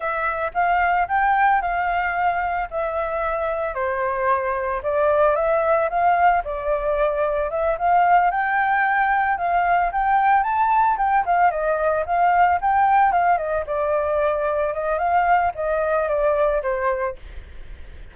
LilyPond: \new Staff \with { instrumentName = "flute" } { \time 4/4 \tempo 4 = 112 e''4 f''4 g''4 f''4~ | f''4 e''2 c''4~ | c''4 d''4 e''4 f''4 | d''2 e''8 f''4 g''8~ |
g''4. f''4 g''4 a''8~ | a''8 g''8 f''8 dis''4 f''4 g''8~ | g''8 f''8 dis''8 d''2 dis''8 | f''4 dis''4 d''4 c''4 | }